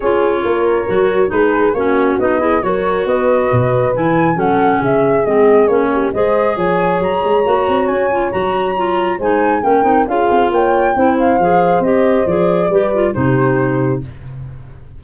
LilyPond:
<<
  \new Staff \with { instrumentName = "flute" } { \time 4/4 \tempo 4 = 137 cis''2. b'4 | cis''4 dis''4 cis''4 dis''4~ | dis''4 gis''4 fis''4 e''4 | dis''4 cis''4 dis''4 gis''4 |
ais''2 gis''4 ais''4~ | ais''4 gis''4 g''4 f''4 | g''4. f''4. dis''4 | d''2 c''2 | }
  \new Staff \with { instrumentName = "horn" } { \time 4/4 gis'4 ais'2 gis'4 | fis'4. gis'8 ais'4 b'4~ | b'2 a'4 gis'4~ | gis'4. g'8 c''4 cis''4~ |
cis''1~ | cis''4 c''4 ais'4 gis'4 | cis''4 c''2.~ | c''4 b'4 g'2 | }
  \new Staff \with { instrumentName = "clarinet" } { \time 4/4 f'2 fis'4 dis'4 | cis'4 dis'8 e'8 fis'2~ | fis'4 e'4 cis'2 | c'4 cis'4 gis'2~ |
gis'4 fis'4. f'8 fis'4 | f'4 dis'4 cis'8 dis'8 f'4~ | f'4 e'4 gis'4 g'4 | gis'4 g'8 f'8 dis'2 | }
  \new Staff \with { instrumentName = "tuba" } { \time 4/4 cis'4 ais4 fis4 gis4 | ais4 b4 fis4 b4 | b,4 e4 fis4 cis4 | gis4 ais4 gis4 f4 |
fis8 gis8 ais8 c'8 cis'4 fis4~ | fis4 gis4 ais8 c'8 cis'8 c'8 | ais4 c'4 f4 c'4 | f4 g4 c2 | }
>>